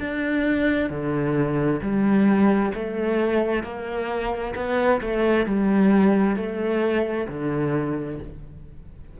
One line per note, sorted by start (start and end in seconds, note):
0.00 0.90 D4
0.90 1.81 D3
1.82 2.73 G3
2.75 3.64 A3
3.64 4.55 A#3
4.56 5.01 B3
5.01 5.46 A3
5.46 6.37 G3
6.37 7.28 A3
7.29 8.20 D3